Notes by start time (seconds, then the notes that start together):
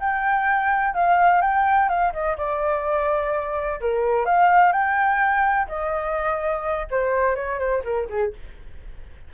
0.00 G5
0.94 F5
1.42 G5
1.89 F5
2.13 D#5
2.38 D5
3.81 A#4
4.26 F5
4.72 G5
5.68 D#5
6.91 C5
7.35 C#5
7.59 C5
7.84 A#4
8.10 G#4